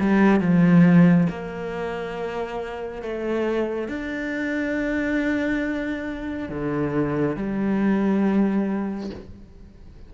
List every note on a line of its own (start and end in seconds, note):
0.00 0.41 G3
0.41 1.28 F3
1.30 3.02 A#3
3.02 3.89 A3
3.89 6.49 D4
6.49 7.36 D3
7.36 9.10 G3